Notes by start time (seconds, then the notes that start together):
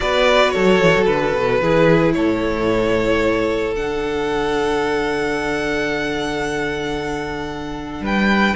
0.00 B3 F#4 B4 D5
0.50 F#3 A4 C#5
0.81 E3
0.96 F#3
1.05 D3 B4
1.33 B2
1.61 E3 E4 G#4
2.13 A2 A4 C#5
3.73 D3 D4 F#5
8.01 G3 B4 G5